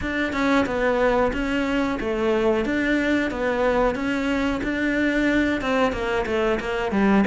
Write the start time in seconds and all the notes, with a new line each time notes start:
0.01 D4
0.32 C#4
0.66 B3
1.32 C#4
2.00 A3
2.65 D4
3.30 B3
3.95 C#4
4.63 D4
5.61 C4
5.92 A#3
6.26 A3
6.59 A#3
6.91 G3